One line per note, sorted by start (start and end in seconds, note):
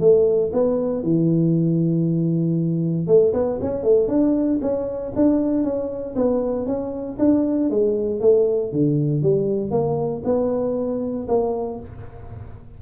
0.00 0.51 A3
0.53 1.03 B3
1.03 3.07 E3
3.07 3.33 A3
3.33 3.59 B3
3.61 3.83 C#4
3.83 4.08 A3
4.08 4.59 D4
4.62 5.13 C#4
5.16 5.64 D4
5.64 6.15 C#4
6.16 6.67 B3
6.67 7.18 C#4
7.19 7.70 D4
7.70 8.21 G#3
8.21 8.72 A3
8.72 9.23 D3
9.23 9.71 G3
9.71 10.22 A#3
10.24 11.27 B3
11.28 11.79 A#3